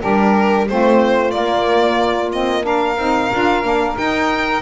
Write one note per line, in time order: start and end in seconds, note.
0.00 0.69 G3
0.00 0.66 D4
0.00 0.66 G4
0.00 0.68 A#4
0.68 1.35 A3
0.68 1.32 C4
0.68 2.64 F4
0.68 1.31 C5
1.31 2.31 A#3
1.31 2.98 A#3
1.31 2.30 D5
2.32 2.62 C4
2.32 2.65 D#5
2.62 2.95 D4
2.62 4.62 A#4
2.62 3.97 F5
2.98 3.30 C4
2.98 3.31 D#4
3.32 3.63 D4
3.32 3.63 F4
3.63 3.96 A#3
3.63 3.96 D4
3.96 4.62 D#4
3.96 4.62 G5